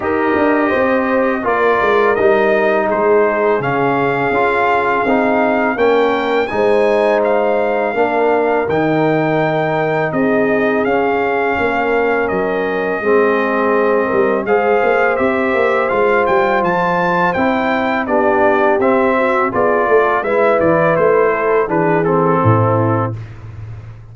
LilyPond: <<
  \new Staff \with { instrumentName = "trumpet" } { \time 4/4 \tempo 4 = 83 dis''2 d''4 dis''4 | c''4 f''2. | g''4 gis''4 f''2 | g''2 dis''4 f''4~ |
f''4 dis''2. | f''4 e''4 f''8 g''8 a''4 | g''4 d''4 e''4 d''4 | e''8 d''8 c''4 b'8 a'4. | }
  \new Staff \with { instrumentName = "horn" } { \time 4/4 ais'4 c''4 ais'2 | gis'1 | ais'4 c''2 ais'4~ | ais'2 gis'2 |
ais'2 gis'4. ais'8 | c''1~ | c''4 g'4. fis'8 gis'8 a'8 | b'4. a'8 gis'4 e'4 | }
  \new Staff \with { instrumentName = "trombone" } { \time 4/4 g'2 f'4 dis'4~ | dis'4 cis'4 f'4 dis'4 | cis'4 dis'2 d'4 | dis'2. cis'4~ |
cis'2 c'2 | gis'4 g'4 f'2 | e'4 d'4 c'4 f'4 | e'2 d'8 c'4. | }
  \new Staff \with { instrumentName = "tuba" } { \time 4/4 dis'8 d'8 c'4 ais8 gis8 g4 | gis4 cis4 cis'4 c'4 | ais4 gis2 ais4 | dis2 c'4 cis'4 |
ais4 fis4 gis4. g8 | gis8 ais8 c'8 ais8 gis8 g8 f4 | c'4 b4 c'4 b8 a8 | gis8 e8 a4 e4 a,4 | }
>>